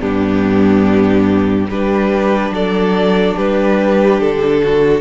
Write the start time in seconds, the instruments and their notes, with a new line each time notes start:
0.00 cello G2, viola B3, violin D4 G4
1.68 cello G3, viola D4, violin G4 B4
2.50 cello F#3, violin A4 D5
3.36 cello G3, violin G4 B4
4.20 cello D3, violin A4
4.62 violin F#4